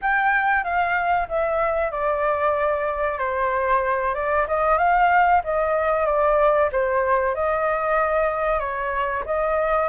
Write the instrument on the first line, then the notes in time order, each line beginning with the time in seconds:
flute
0.01 G5
0.64 F5
1.28 E5
1.91 D5
3.18 C5
4.14 D5
4.47 D#5
4.78 F5
5.43 D#5
6.06 D5
6.71 C5
7.35 D#5
8.59 C#5
9.26 D#5